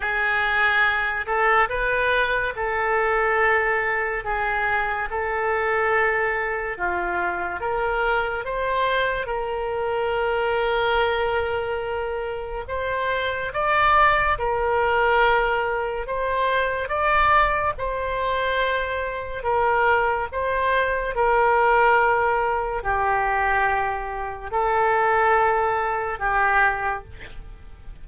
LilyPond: \new Staff \with { instrumentName = "oboe" } { \time 4/4 \tempo 4 = 71 gis'4. a'8 b'4 a'4~ | a'4 gis'4 a'2 | f'4 ais'4 c''4 ais'4~ | ais'2. c''4 |
d''4 ais'2 c''4 | d''4 c''2 ais'4 | c''4 ais'2 g'4~ | g'4 a'2 g'4 | }